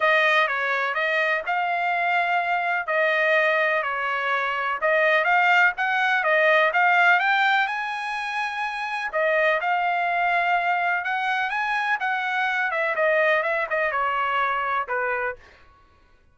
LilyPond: \new Staff \with { instrumentName = "trumpet" } { \time 4/4 \tempo 4 = 125 dis''4 cis''4 dis''4 f''4~ | f''2 dis''2 | cis''2 dis''4 f''4 | fis''4 dis''4 f''4 g''4 |
gis''2. dis''4 | f''2. fis''4 | gis''4 fis''4. e''8 dis''4 | e''8 dis''8 cis''2 b'4 | }